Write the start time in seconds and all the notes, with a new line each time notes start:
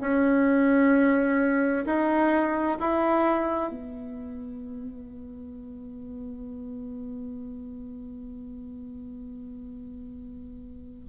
0.00 C#4
1.85 D#4
2.79 E4
3.69 B3